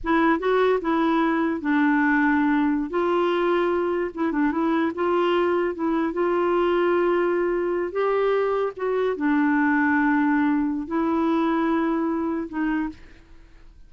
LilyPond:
\new Staff \with { instrumentName = "clarinet" } { \time 4/4 \tempo 4 = 149 e'4 fis'4 e'2 | d'2.~ d'16 f'8.~ | f'2~ f'16 e'8 d'8 e'8.~ | e'16 f'2 e'4 f'8.~ |
f'2.~ f'8. g'16~ | g'4.~ g'16 fis'4 d'4~ d'16~ | d'2. e'4~ | e'2. dis'4 | }